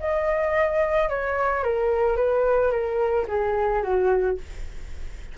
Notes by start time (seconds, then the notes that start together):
0.00 D#5
1.09 C#5
1.63 A#4
2.16 B4
2.71 A#4
3.28 G#4
3.82 F#4